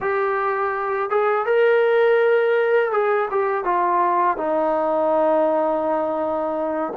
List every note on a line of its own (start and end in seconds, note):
0.00 1.10 G4
1.10 1.45 G#4
1.45 2.91 A#4
2.92 3.28 G#4
3.31 3.64 G4
3.64 4.37 F4
4.37 6.93 D#4